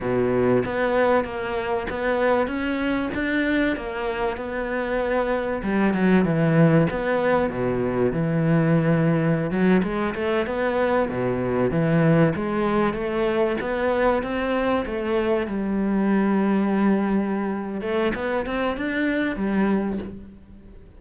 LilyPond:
\new Staff \with { instrumentName = "cello" } { \time 4/4 \tempo 4 = 96 b,4 b4 ais4 b4 | cis'4 d'4 ais4 b4~ | b4 g8 fis8 e4 b4 | b,4 e2~ e16 fis8 gis16~ |
gis16 a8 b4 b,4 e4 gis16~ | gis8. a4 b4 c'4 a16~ | a8. g2.~ g16~ | g8 a8 b8 c'8 d'4 g4 | }